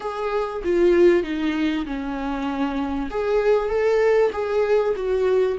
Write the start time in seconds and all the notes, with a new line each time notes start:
0.00 G#4
0.64 F4
1.23 D#4
1.85 C#4
3.10 G#4
3.69 A4
4.32 G#4
4.95 F#4